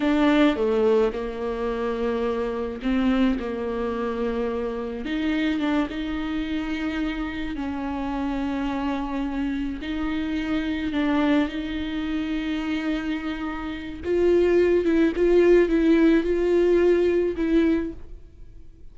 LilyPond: \new Staff \with { instrumentName = "viola" } { \time 4/4 \tempo 4 = 107 d'4 a4 ais2~ | ais4 c'4 ais2~ | ais4 dis'4 d'8 dis'4.~ | dis'4. cis'2~ cis'8~ |
cis'4. dis'2 d'8~ | d'8 dis'2.~ dis'8~ | dis'4 f'4. e'8 f'4 | e'4 f'2 e'4 | }